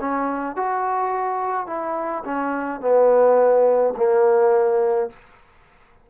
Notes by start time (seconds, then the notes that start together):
0.00 C#4
0.56 F#4
1.67 E4
2.25 C#4
2.81 B3
3.97 A#3